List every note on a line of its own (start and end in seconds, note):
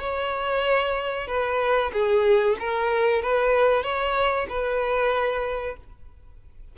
0.00 1.28 C#5
1.28 1.91 B4
1.93 2.57 G#4
2.60 3.23 A#4
3.23 3.83 B4
3.83 4.47 C#5
4.49 5.77 B4